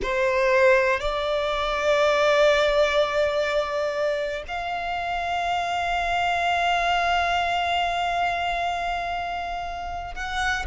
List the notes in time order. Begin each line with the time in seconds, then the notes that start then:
0.02 C5
1.00 D5
4.47 F5
10.14 F#5